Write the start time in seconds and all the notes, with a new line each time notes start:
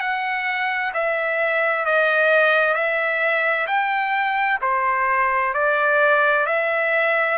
0.00 F#5
0.94 E5
1.85 D#5
2.74 E5
3.67 G5
4.61 C5
5.54 D5
6.46 E5